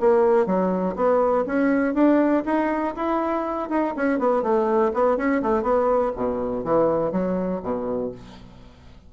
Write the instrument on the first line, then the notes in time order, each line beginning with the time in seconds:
bassoon
0.00 A#3
0.46 F#3
0.96 B3
1.46 C#4
1.94 D4
2.46 D#4
2.96 E4
3.70 D#4
3.96 C#4
4.19 B3
4.43 A3
4.94 B3
5.17 C#4
5.42 A3
5.63 B3
6.16 B2
6.64 E3
7.12 F#3
7.63 B2